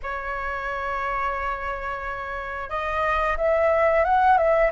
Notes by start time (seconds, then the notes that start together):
0.02 C#5
2.69 D#5
3.37 E5
4.04 F#5
4.37 E5